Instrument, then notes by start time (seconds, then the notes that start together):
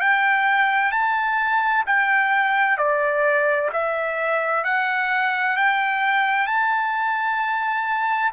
trumpet
0.00 G5
0.91 A5
1.86 G5
2.77 D5
3.73 E5
4.64 F#5
5.56 G5
6.47 A5